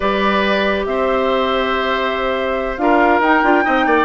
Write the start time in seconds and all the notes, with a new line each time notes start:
0.00 G3 G4 B4 D5
0.85 C4 C5 E5
2.77 D4 F4 A#4 F5
3.19 D#4 G5
3.43 D4 F4
3.63 C4 D#4 D#5
3.86 A#3 D5